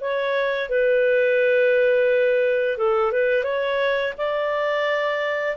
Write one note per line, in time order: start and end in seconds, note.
0.00 0.69 C#5
0.69 2.77 B4
2.77 3.12 A4
3.12 3.43 B4
3.43 4.13 C#5
4.17 5.57 D5